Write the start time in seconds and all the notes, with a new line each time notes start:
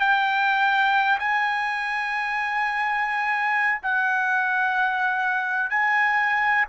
0.00 G5
1.19 G#5
3.83 F#5
5.70 G#5